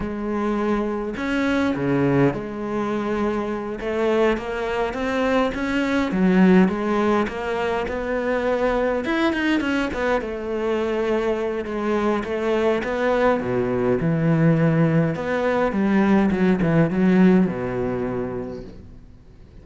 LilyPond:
\new Staff \with { instrumentName = "cello" } { \time 4/4 \tempo 4 = 103 gis2 cis'4 cis4 | gis2~ gis8 a4 ais8~ | ais8 c'4 cis'4 fis4 gis8~ | gis8 ais4 b2 e'8 |
dis'8 cis'8 b8 a2~ a8 | gis4 a4 b4 b,4 | e2 b4 g4 | fis8 e8 fis4 b,2 | }